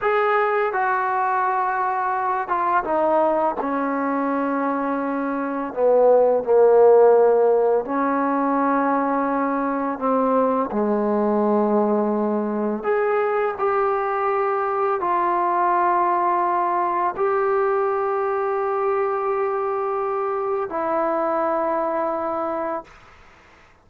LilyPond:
\new Staff \with { instrumentName = "trombone" } { \time 4/4 \tempo 4 = 84 gis'4 fis'2~ fis'8 f'8 | dis'4 cis'2. | b4 ais2 cis'4~ | cis'2 c'4 gis4~ |
gis2 gis'4 g'4~ | g'4 f'2. | g'1~ | g'4 e'2. | }